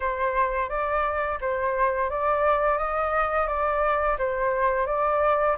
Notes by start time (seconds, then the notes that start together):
0.00 C5
0.68 D5
1.40 C5
2.10 D5
2.78 D#5
3.47 D5
4.18 C5
4.86 D5